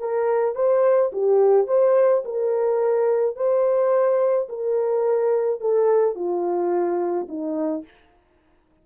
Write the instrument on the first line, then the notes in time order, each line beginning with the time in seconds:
horn
0.00 A#4
0.56 C5
1.13 G4
1.68 C5
2.25 A#4
3.36 C5
4.49 A#4
5.61 A4
6.16 F4
7.29 D#4